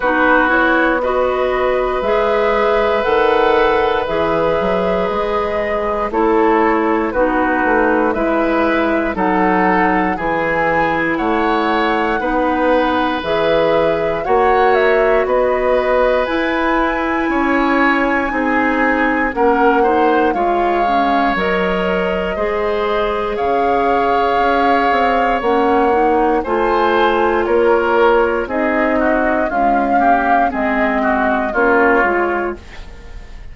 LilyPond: <<
  \new Staff \with { instrumentName = "flute" } { \time 4/4 \tempo 4 = 59 b'8 cis''8 dis''4 e''4 fis''4 | e''4 dis''4 cis''4 b'4 | e''4 fis''4 gis''4 fis''4~ | fis''4 e''4 fis''8 e''8 dis''4 |
gis''2. fis''4 | f''4 dis''2 f''4~ | f''4 fis''4 gis''4 cis''4 | dis''4 f''4 dis''4 cis''4 | }
  \new Staff \with { instrumentName = "oboe" } { \time 4/4 fis'4 b'2.~ | b'2 a'4 fis'4 | b'4 a'4 gis'4 cis''4 | b'2 cis''4 b'4~ |
b'4 cis''4 gis'4 ais'8 c''8 | cis''2 c''4 cis''4~ | cis''2 c''4 ais'4 | gis'8 fis'8 f'8 g'8 gis'8 fis'8 f'4 | }
  \new Staff \with { instrumentName = "clarinet" } { \time 4/4 dis'8 e'8 fis'4 gis'4 a'4 | gis'2 e'4 dis'4 | e'4 dis'4 e'2 | dis'4 gis'4 fis'2 |
e'2 dis'4 cis'8 dis'8 | f'8 cis'8 ais'4 gis'2~ | gis'4 cis'8 dis'8 f'2 | dis'4 gis8 ais8 c'4 cis'8 f'8 | }
  \new Staff \with { instrumentName = "bassoon" } { \time 4/4 b2 gis4 dis4 | e8 fis8 gis4 a4 b8 a8 | gis4 fis4 e4 a4 | b4 e4 ais4 b4 |
e'4 cis'4 c'4 ais4 | gis4 fis4 gis4 cis4 | cis'8 c'8 ais4 a4 ais4 | c'4 cis'4 gis4 ais8 gis8 | }
>>